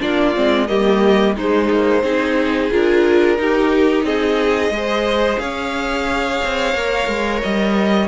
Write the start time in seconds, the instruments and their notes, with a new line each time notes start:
0.00 cello A#3, viola D4, violin F4 D5
0.35 cello G#3, viola C4
0.67 cello G3, viola A#3, violin G4 D#5
1.36 cello G#3, viola G#3, violin D#4 C5
1.70 cello A#3
2.03 cello C4, viola D#4, violin G#4
2.70 cello D4, viola F4, violin A#4
3.37 viola D#4, cello D#4, violin G4
4.03 cello C4, violin G#4 D#5
4.70 cello G#3, viola G#4
4.76 violin C5
5.38 cello C#4, violin C#5 F5
6.44 cello C4
6.74 cello A#3, viola A#4
7.07 cello G#3
7.42 cello G3, violin D#5